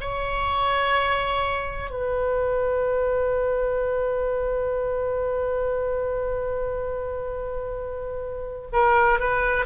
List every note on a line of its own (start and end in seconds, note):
0.00 1.90 C#5
1.90 8.67 B4
8.72 9.19 A#4
9.19 9.65 B4